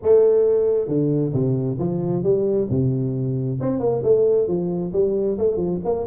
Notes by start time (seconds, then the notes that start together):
0.02 A3
0.87 D3
1.33 C3
1.78 F3
2.23 G3
2.70 C3
3.60 C4
3.79 A#3
4.03 A3
4.47 F3
4.93 G3
5.38 A3
5.56 F3
5.84 A#3